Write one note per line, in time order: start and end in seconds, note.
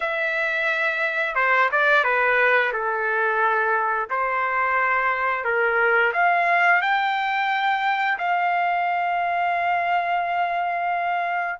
0.00 1.35 E5
1.35 1.69 C5
1.71 2.04 D5
2.04 2.72 B4
2.73 4.09 A4
4.10 5.44 C5
5.44 6.12 A#4
6.13 6.81 F5
6.81 8.18 G5
8.18 11.59 F5